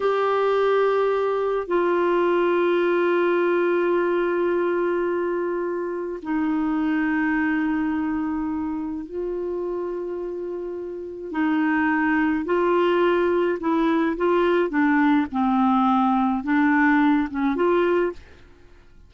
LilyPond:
\new Staff \with { instrumentName = "clarinet" } { \time 4/4 \tempo 4 = 106 g'2. f'4~ | f'1~ | f'2. dis'4~ | dis'1 |
f'1 | dis'2 f'2 | e'4 f'4 d'4 c'4~ | c'4 d'4. cis'8 f'4 | }